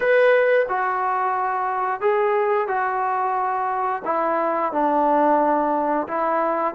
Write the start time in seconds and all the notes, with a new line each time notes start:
0.00 B4
0.68 F#4
2.00 G#4
2.67 F#4
4.04 E4
4.72 D4
6.07 E4